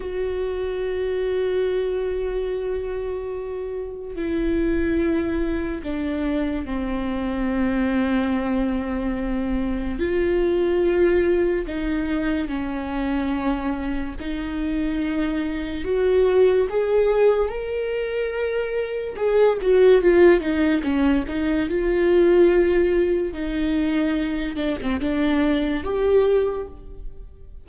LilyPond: \new Staff \with { instrumentName = "viola" } { \time 4/4 \tempo 4 = 72 fis'1~ | fis'4 e'2 d'4 | c'1 | f'2 dis'4 cis'4~ |
cis'4 dis'2 fis'4 | gis'4 ais'2 gis'8 fis'8 | f'8 dis'8 cis'8 dis'8 f'2 | dis'4. d'16 c'16 d'4 g'4 | }